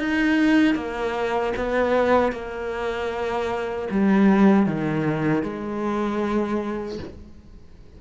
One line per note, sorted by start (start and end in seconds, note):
0.00 0.75 D#4
0.75 1.53 A#3
1.57 2.33 B3
2.33 3.89 A#3
3.91 4.67 G3
4.67 5.43 D#3
5.43 6.99 G#3